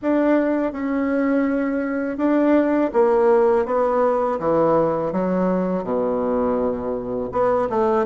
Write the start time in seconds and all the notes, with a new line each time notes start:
0.02 D4
0.72 C#4
2.17 D4
2.93 A#3
3.65 B3
4.39 E3
5.12 F#3
5.83 B2
7.32 B3
7.69 A3